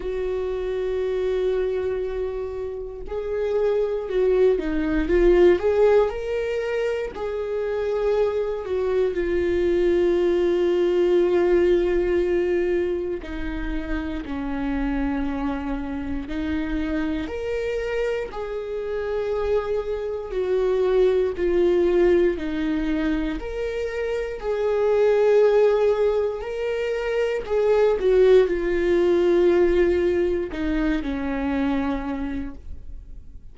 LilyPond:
\new Staff \with { instrumentName = "viola" } { \time 4/4 \tempo 4 = 59 fis'2. gis'4 | fis'8 dis'8 f'8 gis'8 ais'4 gis'4~ | gis'8 fis'8 f'2.~ | f'4 dis'4 cis'2 |
dis'4 ais'4 gis'2 | fis'4 f'4 dis'4 ais'4 | gis'2 ais'4 gis'8 fis'8 | f'2 dis'8 cis'4. | }